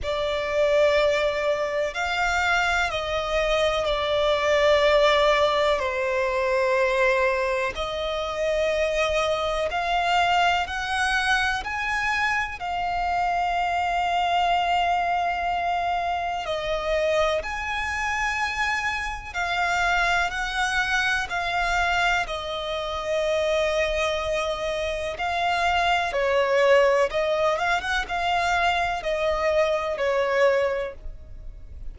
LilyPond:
\new Staff \with { instrumentName = "violin" } { \time 4/4 \tempo 4 = 62 d''2 f''4 dis''4 | d''2 c''2 | dis''2 f''4 fis''4 | gis''4 f''2.~ |
f''4 dis''4 gis''2 | f''4 fis''4 f''4 dis''4~ | dis''2 f''4 cis''4 | dis''8 f''16 fis''16 f''4 dis''4 cis''4 | }